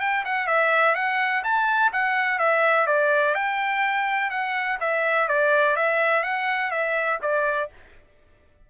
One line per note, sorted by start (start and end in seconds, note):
0.00 0.24 G5
0.25 0.47 F#5
0.47 0.95 E5
0.95 1.43 F#5
1.43 1.91 A5
1.92 2.38 F#5
2.38 2.86 E5
2.86 3.34 D5
3.34 4.30 G5
4.30 4.78 F#5
4.80 5.28 E5
5.28 5.76 D5
5.76 6.23 E5
6.23 6.71 F#5
6.71 7.19 E5
7.22 7.70 D5